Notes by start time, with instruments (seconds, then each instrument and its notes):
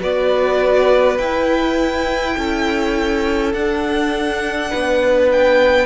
0.00 cello B3, viola F#4, violin B4 D5
1.18 cello E4, viola E4, violin G5
2.37 cello C#4, violin A4
3.54 cello D4, viola D4, violin F#5
4.71 cello B3, violin B4
5.33 violin G5